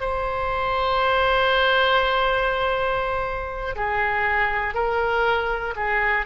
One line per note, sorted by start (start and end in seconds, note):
0.00 3.75 C5
3.75 4.74 G#4
4.74 5.74 A#4
5.75 6.25 G#4